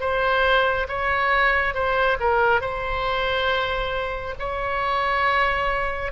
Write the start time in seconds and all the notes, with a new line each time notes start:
0.00 C5
0.88 C#5
1.74 C5
2.20 A#4
2.61 C5
4.39 C#5